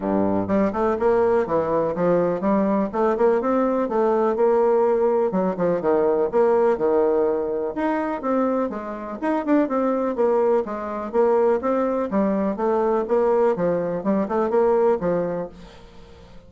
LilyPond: \new Staff \with { instrumentName = "bassoon" } { \time 4/4 \tempo 4 = 124 g,4 g8 a8 ais4 e4 | f4 g4 a8 ais8 c'4 | a4 ais2 fis8 f8 | dis4 ais4 dis2 |
dis'4 c'4 gis4 dis'8 d'8 | c'4 ais4 gis4 ais4 | c'4 g4 a4 ais4 | f4 g8 a8 ais4 f4 | }